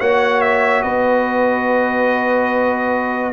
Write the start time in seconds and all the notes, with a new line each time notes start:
0.00 A#3 F#4 C#5 F#5
0.42 E5
0.83 B3 B4 D#5